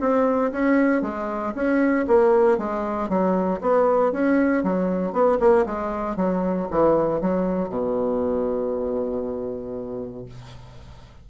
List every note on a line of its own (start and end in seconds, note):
0.00 0.51 C4
0.52 1.02 C#4
1.02 1.53 G#3
1.55 2.06 C#4
2.07 2.58 A#3
2.58 3.09 G#3
3.09 3.60 F#3
3.61 4.12 B3
4.12 4.63 C#4
4.63 5.12 F#3
5.12 5.38 B3
5.40 5.65 A#3
5.66 6.16 G#3
6.16 6.68 F#3
6.70 7.21 E3
7.21 7.69 F#3
7.69 10.25 B2